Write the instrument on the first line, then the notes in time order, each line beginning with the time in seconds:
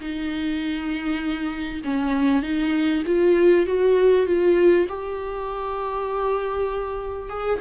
viola
0.00 D#4
1.84 C#4
2.42 D#4
3.06 F4
3.66 F#4
4.26 F4
4.88 G4
7.29 G#4